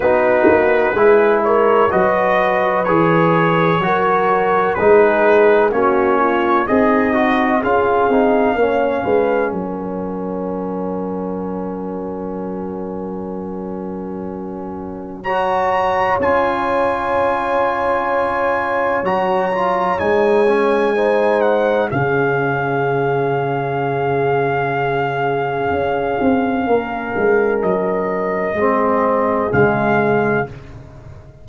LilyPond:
<<
  \new Staff \with { instrumentName = "trumpet" } { \time 4/4 \tempo 4 = 63 b'4. cis''8 dis''4 cis''4~ | cis''4 b'4 cis''4 dis''4 | f''2 fis''2~ | fis''1 |
ais''4 gis''2. | ais''4 gis''4. fis''8 f''4~ | f''1~ | f''4 dis''2 f''4 | }
  \new Staff \with { instrumentName = "horn" } { \time 4/4 fis'4 gis'8 ais'8 b'2 | ais'4 gis'4 fis'8 f'8 dis'4 | gis'4 cis''8 b'8 ais'2~ | ais'1 |
cis''1~ | cis''2 c''4 gis'4~ | gis'1 | ais'2 gis'2 | }
  \new Staff \with { instrumentName = "trombone" } { \time 4/4 dis'4 e'4 fis'4 gis'4 | fis'4 dis'4 cis'4 gis'8 fis'8 | f'8 dis'8 cis'2.~ | cis'1 |
fis'4 f'2. | fis'8 f'8 dis'8 cis'8 dis'4 cis'4~ | cis'1~ | cis'2 c'4 gis4 | }
  \new Staff \with { instrumentName = "tuba" } { \time 4/4 b8 ais8 gis4 fis4 e4 | fis4 gis4 ais4 c'4 | cis'8 c'8 ais8 gis8 fis2~ | fis1~ |
fis4 cis'2. | fis4 gis2 cis4~ | cis2. cis'8 c'8 | ais8 gis8 fis4 gis4 cis4 | }
>>